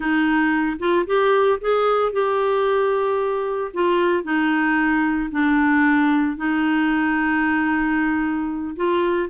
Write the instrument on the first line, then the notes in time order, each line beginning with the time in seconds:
clarinet
0.00 D#4
0.79 F4
1.06 G4
1.60 G#4
2.12 G4
3.73 F4
4.23 D#4
5.31 D4
6.36 D#4
8.76 F4